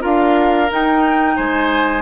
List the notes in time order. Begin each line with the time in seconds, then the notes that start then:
0.00 D4 F4 A#4 F5
0.70 D#4 G5
1.36 G#3 C5 G#5